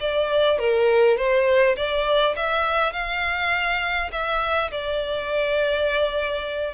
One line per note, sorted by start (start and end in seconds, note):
0.00 0.59 D5
0.59 1.17 A#4
1.17 1.76 C5
1.76 2.35 D5
2.36 2.93 E5
2.93 4.10 F5
4.12 4.71 E5
4.71 6.74 D5